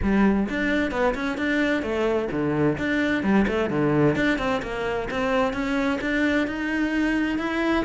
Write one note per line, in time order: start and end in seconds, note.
0.02 0.48 G3
0.49 0.91 D4
0.91 1.14 B3
1.14 1.37 C#4
1.37 1.82 D4
1.82 2.28 A3
2.31 2.77 D3
2.78 3.23 D4
3.23 3.46 G3
3.47 3.70 A3
3.70 4.15 D3
4.15 4.38 D4
4.38 4.61 C4
4.62 5.08 A#3
5.10 5.53 C4
5.53 5.99 C#4
6.01 6.47 D4
6.47 7.38 D#4
7.38 7.84 E4